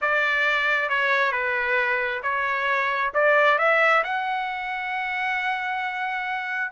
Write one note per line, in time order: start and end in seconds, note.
0.01 0.89 D5
0.89 1.31 C#5
1.31 2.21 B4
2.22 3.12 C#5
3.13 3.58 D5
3.58 4.03 E5
4.03 6.71 F#5